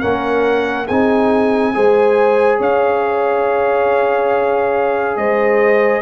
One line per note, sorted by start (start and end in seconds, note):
0.00 0.89 A#3
0.00 0.86 C#4
0.00 0.86 A#4
0.00 0.86 F#5
0.86 1.75 C4
0.86 1.74 D#4
0.86 1.72 G#4
0.86 2.59 G#5
1.74 2.59 G#3
1.74 6.02 G#4
1.74 2.59 C5
2.59 5.16 C#4
2.59 5.16 C#5
2.59 5.17 F5
5.16 6.02 G#3
5.16 6.02 C5
5.16 6.02 D#5